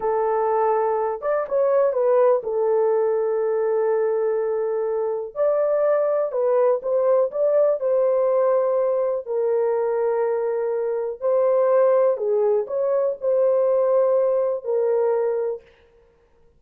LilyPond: \new Staff \with { instrumentName = "horn" } { \time 4/4 \tempo 4 = 123 a'2~ a'8 d''8 cis''4 | b'4 a'2.~ | a'2. d''4~ | d''4 b'4 c''4 d''4 |
c''2. ais'4~ | ais'2. c''4~ | c''4 gis'4 cis''4 c''4~ | c''2 ais'2 | }